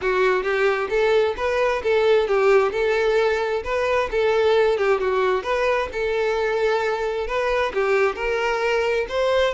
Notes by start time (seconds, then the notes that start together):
0.01 F#4
0.43 G4
0.89 A4
1.37 B4
1.83 A4
2.27 G4
2.71 A4
3.64 B4
4.11 A4
4.77 G4
5.00 F#4
5.43 B4
5.92 A4
7.27 B4
7.74 G4
8.15 A#4
9.08 C5